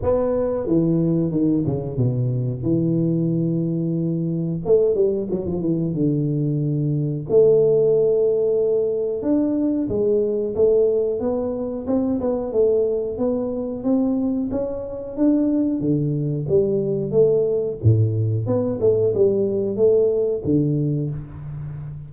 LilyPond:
\new Staff \with { instrumentName = "tuba" } { \time 4/4 \tempo 4 = 91 b4 e4 dis8 cis8 b,4 | e2. a8 g8 | fis16 f16 e8 d2 a4~ | a2 d'4 gis4 |
a4 b4 c'8 b8 a4 | b4 c'4 cis'4 d'4 | d4 g4 a4 a,4 | b8 a8 g4 a4 d4 | }